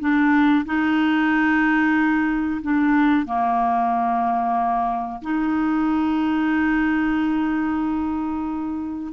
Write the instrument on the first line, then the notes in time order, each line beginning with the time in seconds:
clarinet
0.00 D4
0.66 D#4
2.62 D4
3.26 A#3
5.22 D#4